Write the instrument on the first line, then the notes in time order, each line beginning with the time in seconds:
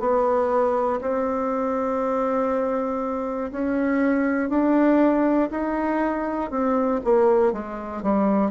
bassoon
0.00 B3
1.01 C4
3.52 C#4
4.50 D4
5.51 D#4
6.51 C4
7.05 A#3
7.53 G#3
8.03 G3